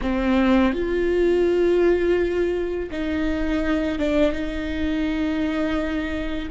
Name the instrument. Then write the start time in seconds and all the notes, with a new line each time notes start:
viola
0.01 C4
0.73 F4
2.91 D#4
3.99 D4
4.32 D#4